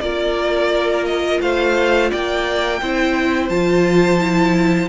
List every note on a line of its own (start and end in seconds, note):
0.00 1.40 A#3
0.00 2.81 F4
0.00 1.41 A#4
0.00 1.05 D5
1.05 1.40 D#5
1.41 2.11 A3
1.41 2.10 C5
1.41 2.11 F5
2.10 2.82 A#3
2.10 2.80 D5
2.10 3.49 G5
2.81 3.50 C4
2.81 3.50 E4
2.81 4.89 C5
3.49 4.89 F3
3.49 4.19 F4
3.49 4.88 A5
4.19 4.89 E4